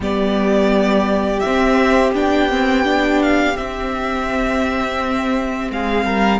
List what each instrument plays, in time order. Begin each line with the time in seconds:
0.00 cello G3, viola B3, violin G4 D5
1.39 cello C4, violin E5
1.46 viola C4
2.14 cello B3, viola D4, violin G5
2.49 viola C4
2.83 viola D4
3.22 violin F5
3.56 viola C4, cello C4, violin E5
5.70 cello G#3, violin G#4 F5
6.04 cello G3, violin A#4